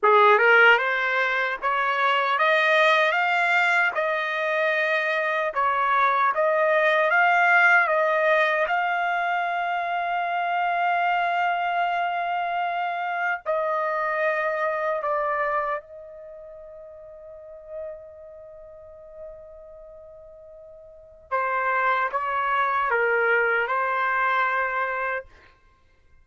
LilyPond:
\new Staff \with { instrumentName = "trumpet" } { \time 4/4 \tempo 4 = 76 gis'8 ais'8 c''4 cis''4 dis''4 | f''4 dis''2 cis''4 | dis''4 f''4 dis''4 f''4~ | f''1~ |
f''4 dis''2 d''4 | dis''1~ | dis''2. c''4 | cis''4 ais'4 c''2 | }